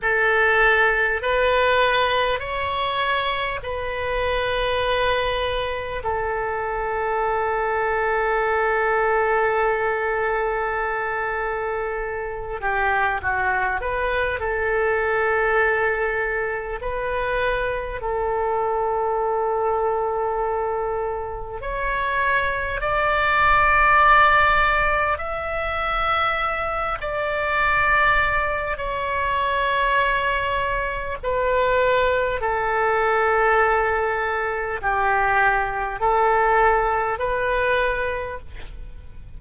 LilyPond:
\new Staff \with { instrumentName = "oboe" } { \time 4/4 \tempo 4 = 50 a'4 b'4 cis''4 b'4~ | b'4 a'2.~ | a'2~ a'8 g'8 fis'8 b'8 | a'2 b'4 a'4~ |
a'2 cis''4 d''4~ | d''4 e''4. d''4. | cis''2 b'4 a'4~ | a'4 g'4 a'4 b'4 | }